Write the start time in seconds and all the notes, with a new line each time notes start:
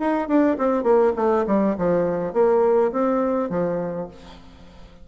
0.00 D#4
0.28 D4
0.59 C4
0.84 A#3
1.17 A3
1.47 G3
1.78 F3
2.34 A#3
2.92 C4
3.50 F3